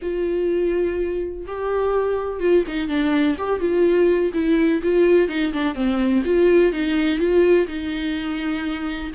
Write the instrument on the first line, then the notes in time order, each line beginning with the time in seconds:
viola
0.02 F4
1.46 G4
2.40 F4
2.67 D#4
2.88 D4
3.38 G4
3.60 F4
4.33 E4
4.82 F4
5.28 D#4
5.52 D4
5.75 C4
6.24 F4
6.72 D#4
7.18 F4
7.67 D#4